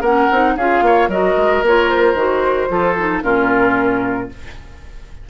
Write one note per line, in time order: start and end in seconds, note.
0.00 0.27 A#3
0.00 0.31 C#4
0.00 0.53 A#4
0.00 0.56 F#5
0.31 0.56 C4
0.31 0.58 D#4
0.56 0.81 C#4
0.56 1.10 F4
0.56 0.83 G#4
0.56 1.09 F5
0.81 1.07 A#3
0.81 1.09 C#5
1.07 1.34 F#3
1.07 1.63 F#4
1.07 2.68 A#4
1.07 1.63 D#5
1.36 1.62 G#3
1.62 2.14 A#3
1.62 2.16 F4
1.62 1.89 C#5
1.89 3.22 C5
2.14 2.67 D#3
2.14 2.68 F#4
2.68 3.22 F3
2.68 2.95 F4
2.68 3.23 A4
2.98 3.22 D#4
3.22 4.29 A#2
3.22 4.29 C#4
3.22 4.29 F4
3.22 4.29 A#4